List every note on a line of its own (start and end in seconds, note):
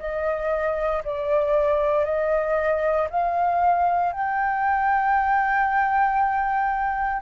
0.00 1.03 D#5
1.05 2.05 D5
2.05 3.08 D#5
3.10 4.13 F5
4.13 7.23 G5